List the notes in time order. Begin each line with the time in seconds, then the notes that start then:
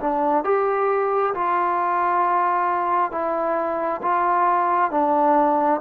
0.00 D4
0.44 G4
1.34 F4
3.11 E4
4.02 F4
4.91 D4